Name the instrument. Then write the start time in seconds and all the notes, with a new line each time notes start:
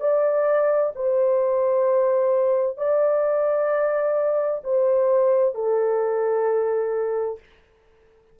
horn
0.00 D5
0.95 C5
2.77 D5
4.63 C5
5.54 A4